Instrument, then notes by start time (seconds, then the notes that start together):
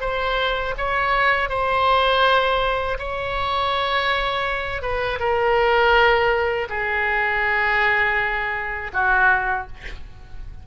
oboe
0.00 C5
0.78 C#5
1.49 C5
2.99 C#5
4.82 B4
5.20 A#4
6.69 G#4
8.93 F#4